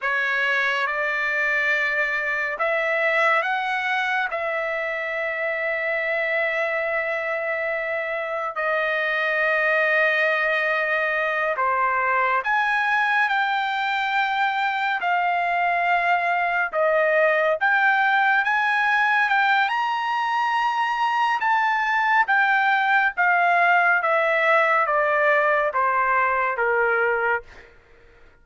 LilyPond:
\new Staff \with { instrumentName = "trumpet" } { \time 4/4 \tempo 4 = 70 cis''4 d''2 e''4 | fis''4 e''2.~ | e''2 dis''2~ | dis''4. c''4 gis''4 g''8~ |
g''4. f''2 dis''8~ | dis''8 g''4 gis''4 g''8 ais''4~ | ais''4 a''4 g''4 f''4 | e''4 d''4 c''4 ais'4 | }